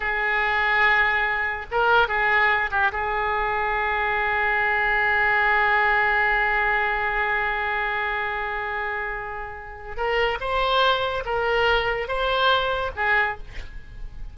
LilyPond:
\new Staff \with { instrumentName = "oboe" } { \time 4/4 \tempo 4 = 144 gis'1 | ais'4 gis'4. g'8 gis'4~ | gis'1~ | gis'1~ |
gis'1~ | gis'1 | ais'4 c''2 ais'4~ | ais'4 c''2 gis'4 | }